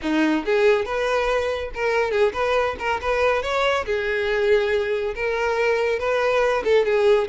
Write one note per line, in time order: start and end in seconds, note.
0.02 0.45 D#4
0.45 0.85 G#4
0.85 1.70 B4
1.74 2.11 A#4
2.11 2.32 G#4
2.33 2.76 B4
2.79 3.00 A#4
3.01 3.42 B4
3.42 3.85 C#5
3.85 5.14 G#4
5.15 5.99 A#4
5.99 6.63 B4
6.64 6.85 A4
6.85 7.28 G#4